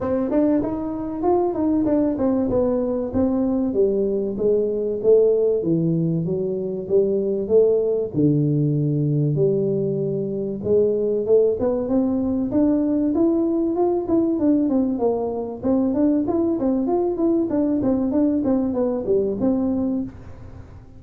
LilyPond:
\new Staff \with { instrumentName = "tuba" } { \time 4/4 \tempo 4 = 96 c'8 d'8 dis'4 f'8 dis'8 d'8 c'8 | b4 c'4 g4 gis4 | a4 e4 fis4 g4 | a4 d2 g4~ |
g4 gis4 a8 b8 c'4 | d'4 e'4 f'8 e'8 d'8 c'8 | ais4 c'8 d'8 e'8 c'8 f'8 e'8 | d'8 c'8 d'8 c'8 b8 g8 c'4 | }